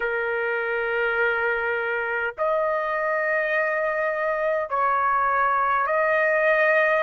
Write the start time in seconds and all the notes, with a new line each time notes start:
0.00 A#4
2.38 D#5
4.69 C#5
5.87 D#5